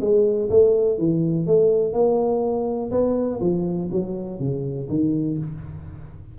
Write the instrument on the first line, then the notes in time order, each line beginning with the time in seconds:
tuba
0.00 G#3
0.49 A3
0.98 E3
1.46 A3
1.93 A#3
2.91 B3
3.40 F3
3.91 F#3
4.39 C#3
4.89 D#3